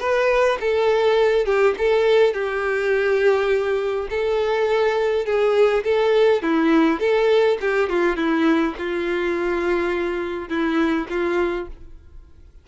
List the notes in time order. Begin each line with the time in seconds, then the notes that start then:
0.00 B4
0.60 A4
1.45 G4
1.78 A4
2.33 G4
4.10 A4
5.25 G#4
5.84 A4
6.42 E4
7.00 A4
7.61 G4
7.89 F4
8.16 E4
8.78 F4
10.49 E4
11.09 F4